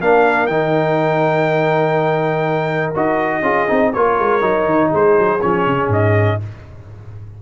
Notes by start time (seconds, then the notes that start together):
0.00 A#3 D4 A#4 F5
0.46 D#3 D#4 G5
2.94 D#4 F#4 D#5
3.42 C#4 F4 G#4
3.68 C4 D#4
3.93 A#3 F4 A#4 C#5
4.19 G#3
4.41 F#3 D#4
4.65 D#3
4.90 G#3 G#4 C5
5.18 F#3
5.41 F3 C#4 C#5
5.66 C#3
5.88 G#2 D#5